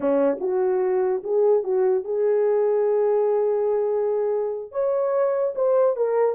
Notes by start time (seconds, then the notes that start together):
0.00 C#4
0.40 F#4
1.23 G#4
1.63 F#4
2.04 G#4
4.71 C#5
5.55 C5
5.96 A#4